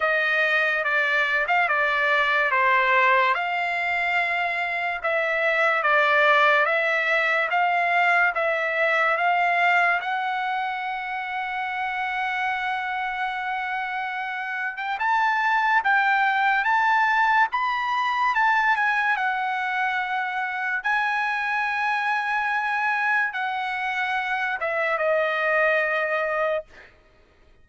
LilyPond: \new Staff \with { instrumentName = "trumpet" } { \time 4/4 \tempo 4 = 72 dis''4 d''8. f''16 d''4 c''4 | f''2 e''4 d''4 | e''4 f''4 e''4 f''4 | fis''1~ |
fis''4.~ fis''16 g''16 a''4 g''4 | a''4 b''4 a''8 gis''8 fis''4~ | fis''4 gis''2. | fis''4. e''8 dis''2 | }